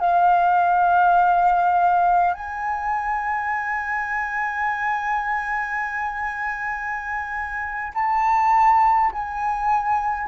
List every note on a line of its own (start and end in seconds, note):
0.00 2.35 F5
2.35 7.94 G#5
7.95 9.12 A5
9.13 10.28 G#5